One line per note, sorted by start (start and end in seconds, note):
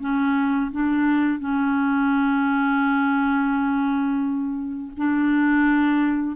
0.00 0.71 C#4
0.71 1.39 D4
1.39 4.92 C#4
4.97 6.36 D4